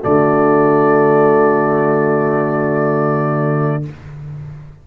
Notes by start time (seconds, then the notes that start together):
0.00 D3 A3 F#4 D5